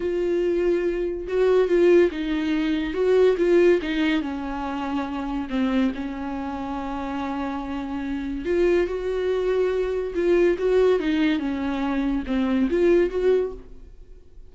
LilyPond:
\new Staff \with { instrumentName = "viola" } { \time 4/4 \tempo 4 = 142 f'2. fis'4 | f'4 dis'2 fis'4 | f'4 dis'4 cis'2~ | cis'4 c'4 cis'2~ |
cis'1 | f'4 fis'2. | f'4 fis'4 dis'4 cis'4~ | cis'4 c'4 f'4 fis'4 | }